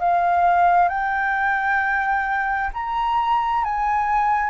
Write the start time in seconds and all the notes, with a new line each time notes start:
0.00 F5
0.89 G5
2.74 A#5
3.64 G#5